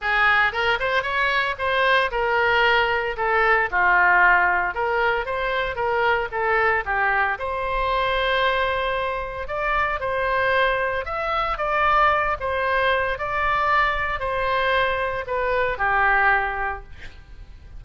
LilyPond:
\new Staff \with { instrumentName = "oboe" } { \time 4/4 \tempo 4 = 114 gis'4 ais'8 c''8 cis''4 c''4 | ais'2 a'4 f'4~ | f'4 ais'4 c''4 ais'4 | a'4 g'4 c''2~ |
c''2 d''4 c''4~ | c''4 e''4 d''4. c''8~ | c''4 d''2 c''4~ | c''4 b'4 g'2 | }